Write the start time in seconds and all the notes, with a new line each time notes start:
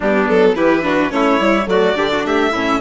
0.00 G3 B3 D4 G4
0.28 F#3 A4
0.55 E3 E4 G4 B4
0.82 D4 F#4
1.10 A3 C#4 E4 C#5
1.39 G3 E4
1.65 F#3 A3 F#4 D5
1.95 D3 D4 G4
2.12 F#4
2.24 A3 G4 E5
2.51 A2 C#4 E4